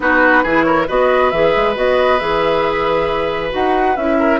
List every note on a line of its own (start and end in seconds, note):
0.00 0.44 B3
0.00 0.44 D#4
0.00 0.43 F#4
0.00 0.63 B4
0.43 0.88 E3
0.43 0.87 E4
0.43 0.65 G#4
0.63 0.87 A#4
0.63 0.85 C#5
0.87 1.32 B3
0.87 1.31 F#4
0.87 4.18 B4
0.87 1.30 D#5
1.30 1.54 E3
1.30 1.74 G#4
1.30 1.74 E5
1.56 1.76 G#3
1.74 2.20 B3
1.74 2.18 F#4
1.74 2.19 D#5
2.19 3.53 E3
2.19 3.50 G#4
2.19 3.51 E5
3.50 3.97 D#4
3.50 3.94 F#4
3.50 3.96 F#5
3.96 4.40 C#4
3.96 4.40 E4
3.96 4.40 E5
4.19 4.40 A#4